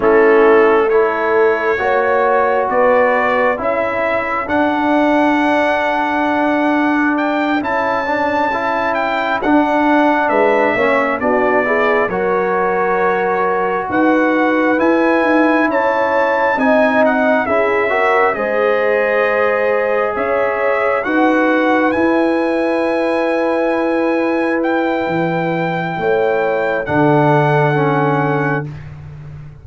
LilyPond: <<
  \new Staff \with { instrumentName = "trumpet" } { \time 4/4 \tempo 4 = 67 a'4 cis''2 d''4 | e''4 fis''2. | g''8 a''4. g''8 fis''4 e''8~ | e''8 d''4 cis''2 fis''8~ |
fis''8 gis''4 a''4 gis''8 fis''8 e''8~ | e''8 dis''2 e''4 fis''8~ | fis''8 gis''2. g''8~ | g''2 fis''2 | }
  \new Staff \with { instrumentName = "horn" } { \time 4/4 e'4 a'4 cis''4 b'4 | a'1~ | a'2.~ a'8 b'8 | cis''8 fis'8 gis'8 ais'2 b'8~ |
b'4. cis''4 dis''4 gis'8 | ais'8 c''2 cis''4 b'8~ | b'1~ | b'4 cis''4 a'2 | }
  \new Staff \with { instrumentName = "trombone" } { \time 4/4 cis'4 e'4 fis'2 | e'4 d'2.~ | d'8 e'8 d'8 e'4 d'4. | cis'8 d'8 e'8 fis'2~ fis'8~ |
fis'8 e'2 dis'4 e'8 | fis'8 gis'2. fis'8~ | fis'8 e'2.~ e'8~ | e'2 d'4 cis'4 | }
  \new Staff \with { instrumentName = "tuba" } { \time 4/4 a2 ais4 b4 | cis'4 d'2.~ | d'8 cis'2 d'4 gis8 | ais8 b4 fis2 dis'8~ |
dis'8 e'8 dis'8 cis'4 c'4 cis'8~ | cis'8 gis2 cis'4 dis'8~ | dis'8 e'2.~ e'8 | e4 a4 d2 | }
>>